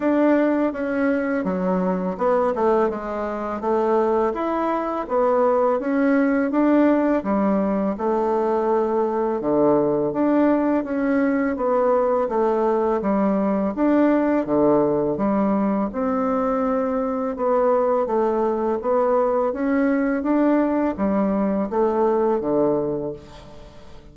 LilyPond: \new Staff \with { instrumentName = "bassoon" } { \time 4/4 \tempo 4 = 83 d'4 cis'4 fis4 b8 a8 | gis4 a4 e'4 b4 | cis'4 d'4 g4 a4~ | a4 d4 d'4 cis'4 |
b4 a4 g4 d'4 | d4 g4 c'2 | b4 a4 b4 cis'4 | d'4 g4 a4 d4 | }